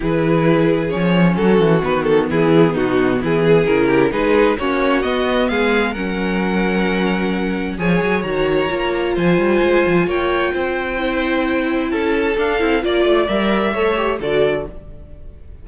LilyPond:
<<
  \new Staff \with { instrumentName = "violin" } { \time 4/4 \tempo 4 = 131 b'2 cis''4 a'4 | b'8 a'8 gis'4 fis'4 gis'4 | ais'4 b'4 cis''4 dis''4 | f''4 fis''2.~ |
fis''4 gis''4 ais''2 | gis''2 g''2~ | g''2 a''4 f''4 | d''4 e''2 d''4 | }
  \new Staff \with { instrumentName = "violin" } { \time 4/4 gis'2. fis'4~ | fis'4 e'4 dis'4 e'8 gis'8~ | gis'8 g'8 gis'4 fis'2 | gis'4 ais'2.~ |
ais'4 cis''2. | c''2 cis''4 c''4~ | c''2 a'2 | d''2 cis''4 a'4 | }
  \new Staff \with { instrumentName = "viola" } { \time 4/4 e'2 cis'2 | b1 | e'4 dis'4 cis'4 b4~ | b4 cis'2.~ |
cis'4 gis'4 fis'4 f'4~ | f'1 | e'2. d'8 e'8 | f'4 ais'4 a'8 g'8 fis'4 | }
  \new Staff \with { instrumentName = "cello" } { \time 4/4 e2 f4 fis8 e8 | dis4 e4 b,4 e4 | cis4 gis4 ais4 b4 | gis4 fis2.~ |
fis4 f8 fis8 dis4 ais4 | f8 g8 gis8 f8 ais4 c'4~ | c'2 cis'4 d'8 c'8 | ais8 a8 g4 a4 d4 | }
>>